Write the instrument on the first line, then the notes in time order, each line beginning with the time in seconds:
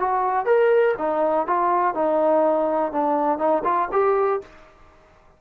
trombone
0.00 F#4
0.46 A#4
0.98 D#4
1.47 F4
1.95 D#4
2.92 D4
3.39 D#4
3.64 F4
3.92 G4